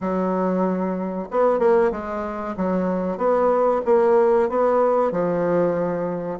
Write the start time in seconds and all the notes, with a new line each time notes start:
0.00 F#3
1.31 B3
1.59 A#3
1.91 G#3
2.56 F#3
3.17 B3
3.85 A#3
4.49 B3
5.11 F3